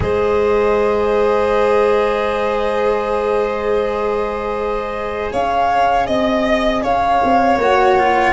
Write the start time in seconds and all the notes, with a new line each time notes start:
0.00 G#3 G#4 C5 D#5
5.31 C#4 C#5 F5
6.06 C4 D#5
6.82 C#4 C#5 F5
7.23 C4
7.56 A#3 F#4 F#5
7.98 F4